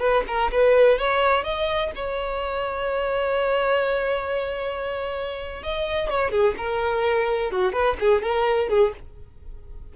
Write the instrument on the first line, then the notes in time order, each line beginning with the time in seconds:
violin
0.00 B4
0.28 A#4
0.52 B4
0.99 C#5
1.44 D#5
1.96 C#5
5.64 D#5
6.10 C#5
6.31 G#4
6.58 A#4
7.52 F#4
7.73 B4
8.00 G#4
8.23 A#4
8.69 G#4